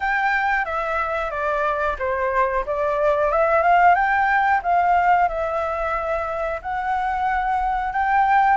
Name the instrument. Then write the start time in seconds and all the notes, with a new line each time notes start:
flute
0.00 G5
0.65 E5
1.30 D5
1.98 C5
2.66 D5
3.31 E5
3.62 F5
3.94 G5
4.62 F5
5.28 E5
6.62 F#5
7.93 G5